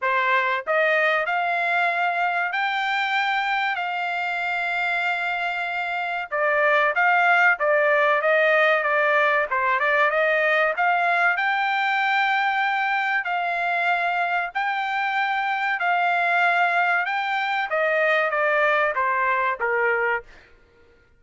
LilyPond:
\new Staff \with { instrumentName = "trumpet" } { \time 4/4 \tempo 4 = 95 c''4 dis''4 f''2 | g''2 f''2~ | f''2 d''4 f''4 | d''4 dis''4 d''4 c''8 d''8 |
dis''4 f''4 g''2~ | g''4 f''2 g''4~ | g''4 f''2 g''4 | dis''4 d''4 c''4 ais'4 | }